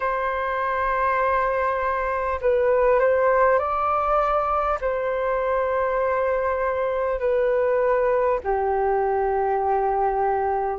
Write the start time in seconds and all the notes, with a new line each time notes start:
0.00 C5
2.41 B4
2.99 C5
3.58 D5
4.80 C5
7.19 B4
8.43 G4